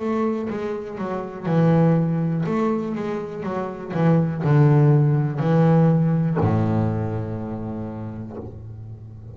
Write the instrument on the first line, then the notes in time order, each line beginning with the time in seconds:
double bass
0.00 A3
0.50 G#3
0.98 F#3
1.46 E3
2.46 A3
2.95 G#3
3.43 F#3
3.93 E3
4.44 D3
5.39 E3
6.40 A2